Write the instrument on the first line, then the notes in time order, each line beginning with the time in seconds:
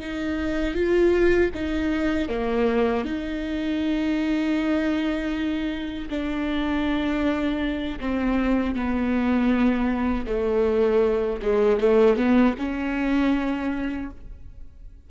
viola
0.00 D#4
0.75 F4
1.55 D#4
2.29 A#3
3.05 D#4
6.10 D4
8.01 C4
8.75 B3
10.27 A3
11.42 G#3
11.80 A3
12.17 B3
12.59 C#4